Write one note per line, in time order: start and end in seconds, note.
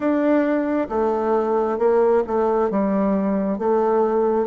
0.00 0.88 D4
0.89 1.78 A3
1.78 2.23 A#3
2.26 2.70 A3
2.70 3.58 G3
3.58 4.47 A3